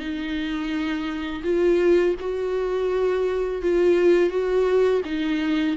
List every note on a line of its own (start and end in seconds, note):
0.00 1.43 D#4
1.44 2.15 F4
2.20 3.62 F#4
3.62 4.30 F4
4.30 5.01 F#4
5.05 5.77 D#4